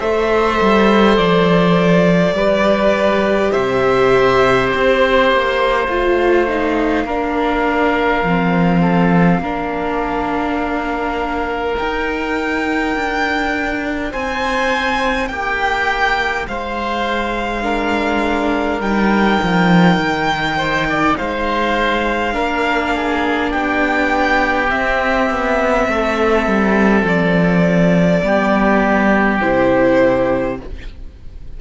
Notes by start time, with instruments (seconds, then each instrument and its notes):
0.00 cello A3, viola A4, oboe C5, violin E5
0.62 cello G3
1.18 cello F3, violin D5
2.33 cello G3, viola G4, oboe B4
3.52 cello C3, oboe C5, violin E5
4.71 cello C4, violin C5
5.33 cello A#3
5.87 cello A3, viola F4, violin F5
6.49 viola D#4
7.05 cello A#3, viola D4, oboe A#4
8.24 cello F3, viola C4
8.82 oboe A4
9.40 cello A#3, viola D4, oboe A#4
11.78 viola D#4, cello D#4, violin G5
12.96 cello D4
14.12 cello C4, oboe C5, violin G#5
15.28 cello A#3, oboe G4, violin G5
16.48 cello G#3, oboe C5, violin F5
17.63 viola D4, oboe A#4
18.80 cello G3, viola D#4, violin G5
19.43 cello F3
19.97 cello D#3
20.58 oboe C5
20.89 oboe D5
21.17 cello G#3, oboe C5, violin F5
22.32 cello A#3, viola D4, oboe A#4
22.96 oboe G#4
23.51 cello B3, oboe G4, violin G5
24.69 viola C4, cello C4, violin E5
25.31 cello B3
25.89 cello A3, oboe A4
26.47 cello G3
27.04 cello F3, violin D5
28.23 cello G3, viola B3, oboe G4
29.41 cello C3, viola E4, violin C5